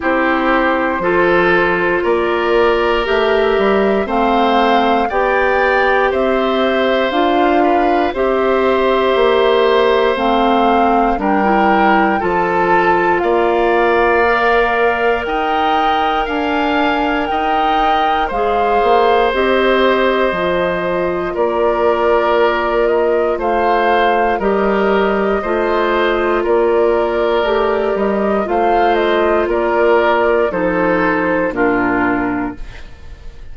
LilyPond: <<
  \new Staff \with { instrumentName = "flute" } { \time 4/4 \tempo 4 = 59 c''2 d''4 e''4 | f''4 g''4 e''4 f''4 | e''2 f''4 g''4 | a''4 f''2 g''4 |
gis''4 g''4 f''4 dis''4~ | dis''4 d''4. dis''8 f''4 | dis''2 d''4. dis''8 | f''8 dis''8 d''4 c''4 ais'4 | }
  \new Staff \with { instrumentName = "oboe" } { \time 4/4 g'4 a'4 ais'2 | c''4 d''4 c''4. b'8 | c''2. ais'4 | a'4 d''2 dis''4 |
f''4 dis''4 c''2~ | c''4 ais'2 c''4 | ais'4 c''4 ais'2 | c''4 ais'4 a'4 f'4 | }
  \new Staff \with { instrumentName = "clarinet" } { \time 4/4 e'4 f'2 g'4 | c'4 g'2 f'4 | g'2 c'4 d'16 e'8. | f'2 ais'2~ |
ais'2 gis'4 g'4 | f'1 | g'4 f'2 g'4 | f'2 dis'4 d'4 | }
  \new Staff \with { instrumentName = "bassoon" } { \time 4/4 c'4 f4 ais4 a8 g8 | a4 b4 c'4 d'4 | c'4 ais4 a4 g4 | f4 ais2 dis'4 |
d'4 dis'4 gis8 ais8 c'4 | f4 ais2 a4 | g4 a4 ais4 a8 g8 | a4 ais4 f4 ais,4 | }
>>